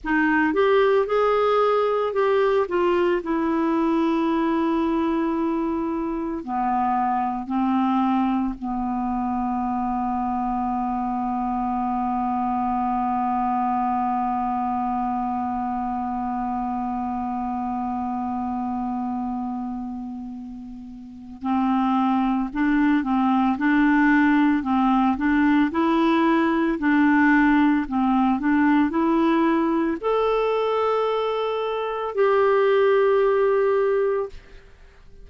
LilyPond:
\new Staff \with { instrumentName = "clarinet" } { \time 4/4 \tempo 4 = 56 dis'8 g'8 gis'4 g'8 f'8 e'4~ | e'2 b4 c'4 | b1~ | b1~ |
b1 | c'4 d'8 c'8 d'4 c'8 d'8 | e'4 d'4 c'8 d'8 e'4 | a'2 g'2 | }